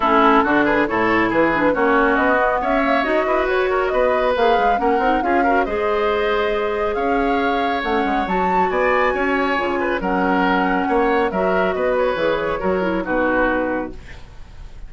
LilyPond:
<<
  \new Staff \with { instrumentName = "flute" } { \time 4/4 \tempo 4 = 138 a'4. b'8 cis''4 b'4 | cis''4 dis''4 e''4 dis''4 | cis''4 dis''4 f''4 fis''4 | f''4 dis''2. |
f''2 fis''4 a''4 | gis''2. fis''4~ | fis''2 e''4 dis''8 cis''8~ | cis''2 b'2 | }
  \new Staff \with { instrumentName = "oboe" } { \time 4/4 e'4 fis'8 gis'8 a'4 gis'4 | fis'2 cis''4. b'8~ | b'8 ais'8 b'2 ais'4 | gis'8 ais'8 c''2. |
cis''1 | d''4 cis''4. b'8 ais'4~ | ais'4 cis''4 ais'4 b'4~ | b'4 ais'4 fis'2 | }
  \new Staff \with { instrumentName = "clarinet" } { \time 4/4 cis'4 d'4 e'4. d'8 | cis'4. b4 ais8 fis'4~ | fis'2 gis'4 cis'8 dis'8 | f'8 fis'8 gis'2.~ |
gis'2 cis'4 fis'4~ | fis'2 f'4 cis'4~ | cis'2 fis'2 | gis'4 fis'8 e'8 dis'2 | }
  \new Staff \with { instrumentName = "bassoon" } { \time 4/4 a4 d4 a,4 e4 | ais4 b4 cis'4 dis'8 e'8 | fis'4 b4 ais8 gis8 ais8 c'8 | cis'4 gis2. |
cis'2 a8 gis8 fis4 | b4 cis'4 cis4 fis4~ | fis4 ais4 fis4 b4 | e4 fis4 b,2 | }
>>